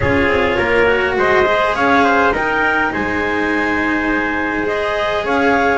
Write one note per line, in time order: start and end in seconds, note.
0.00 0.27 C#4
0.00 0.86 F4
0.00 0.57 G#4
0.00 1.16 C#5
0.27 0.56 C4
0.57 1.17 A#3
0.57 1.15 A#4
0.86 1.44 F#4
1.17 1.74 G#3
1.17 1.75 C5
1.17 1.74 D#5
1.45 2.32 G#4
1.74 2.31 C#4
1.74 2.04 C#5
1.74 2.33 F5
2.04 2.33 C5
2.31 2.89 D#4
2.31 4.63 D#4
2.31 2.91 A#4
2.31 2.92 G5
2.92 5.24 G#3
2.92 5.25 C5
2.92 4.67 G#5
4.63 5.78 G#4
4.63 5.25 D#5
5.24 5.78 C#4
5.24 5.78 C#5
5.24 5.78 F5